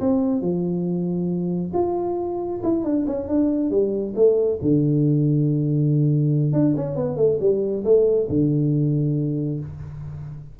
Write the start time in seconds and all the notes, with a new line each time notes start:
0.00 C4
0.41 F3
1.74 F4
2.63 E4
2.84 D4
3.07 C#4
3.28 D4
3.70 G3
4.15 A3
4.61 D3
6.53 D4
6.76 C#4
6.95 B3
7.16 A3
7.40 G3
7.84 A3
8.29 D3